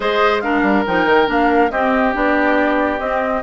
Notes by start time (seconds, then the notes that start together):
0.00 G#3 G#4 C5 D#5
0.40 D4 A#4 F5
0.62 G3
0.86 F3 D#4 G5
1.05 D#3
1.26 A#3 D4 F5
1.70 C4 G4 D#5
2.13 B3 D4 D5
2.99 C4 D#5